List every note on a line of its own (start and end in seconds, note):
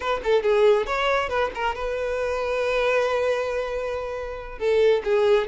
0.00 0.21 B4
0.23 0.43 A4
0.43 0.86 G#4
0.86 1.29 C#5
1.29 1.50 B4
1.54 1.75 A#4
1.75 4.58 B4
4.58 5.02 A4
5.04 5.47 G#4